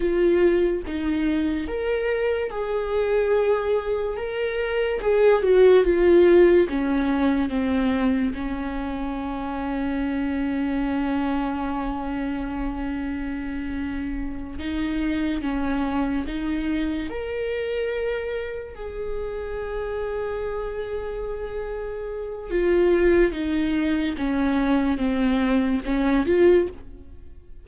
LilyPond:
\new Staff \with { instrumentName = "viola" } { \time 4/4 \tempo 4 = 72 f'4 dis'4 ais'4 gis'4~ | gis'4 ais'4 gis'8 fis'8 f'4 | cis'4 c'4 cis'2~ | cis'1~ |
cis'4. dis'4 cis'4 dis'8~ | dis'8 ais'2 gis'4.~ | gis'2. f'4 | dis'4 cis'4 c'4 cis'8 f'8 | }